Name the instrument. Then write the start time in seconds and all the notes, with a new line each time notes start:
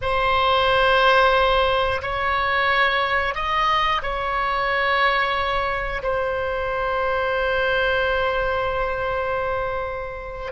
oboe
0.01 C5
2.02 C#5
3.35 D#5
4.02 C#5
6.02 C5